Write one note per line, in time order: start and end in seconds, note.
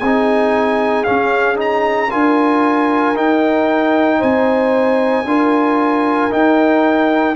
0.00 1.07 C4
0.00 1.06 D#4
0.00 2.12 G#4
0.00 1.04 G#5
1.04 1.56 C#4
1.04 2.14 C#4
1.04 1.57 F5
1.56 2.09 D#4
1.56 2.12 A#5
2.11 3.16 D4
2.11 3.16 F4
2.11 4.19 A#4
2.11 3.17 G#5
3.16 5.26 D#4
3.16 4.21 D#4
3.16 4.22 G5
4.19 5.25 C4
4.19 5.25 C5
4.19 6.33 G#5
5.25 6.30 D4
5.25 6.30 F4
5.25 7.36 A#4
6.30 7.36 D#4
6.30 7.36 G5